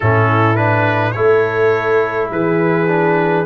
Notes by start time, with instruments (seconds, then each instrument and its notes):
0.00 tuba A2, trombone C#4, horn E4, trumpet A4
0.56 trombone D4, trumpet B4
1.11 tuba A3, trombone E4, horn A4, trumpet C#5
2.30 tuba E3, horn G#4, trumpet B4
2.87 trombone D4